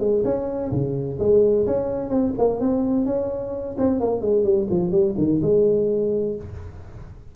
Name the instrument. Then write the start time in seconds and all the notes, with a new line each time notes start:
tuba
0.00 G#3
0.25 C#4
0.72 C#3
1.20 G#3
1.67 C#4
2.10 C4
2.38 A#3
2.60 C4
3.06 C#4
3.78 C4
4.00 A#3
4.21 G#3
4.44 G3
4.70 F3
4.91 G3
5.18 D#3
5.42 G#3